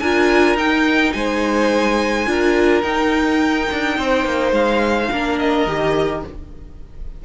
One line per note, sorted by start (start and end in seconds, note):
0.00 0.55 D4
0.00 0.58 F4
0.00 1.14 A#4
0.00 0.57 G#5
0.55 1.12 D#4
0.55 2.27 D#4
0.55 1.12 G5
1.12 2.27 G#3
1.12 2.29 C5
1.12 2.82 G#5
2.27 2.83 D4
2.27 2.83 F4
2.27 3.98 A#4
2.83 3.68 D#4
2.83 5.11 D#4
2.83 4.53 G5
3.72 3.98 D4
3.98 4.25 C4
3.98 5.11 C5
4.25 4.52 A#3
4.52 5.08 G#3
4.52 5.39 F5
5.12 5.67 A#3
5.12 5.68 D4
5.12 6.25 A#4
5.39 6.24 D#5
5.67 6.23 D#3
5.67 6.25 G4